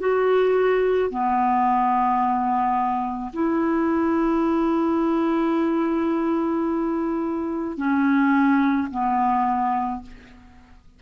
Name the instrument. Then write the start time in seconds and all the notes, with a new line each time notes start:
clarinet
0.00 F#4
1.11 B3
3.34 E4
7.78 C#4
8.91 B3